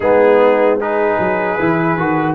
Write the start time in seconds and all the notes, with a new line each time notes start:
0.00 G#3 B3 D#4 G#4
0.78 D#4 G#4 B4
1.18 F#3
1.58 E3 E4
1.97 D#3 F#4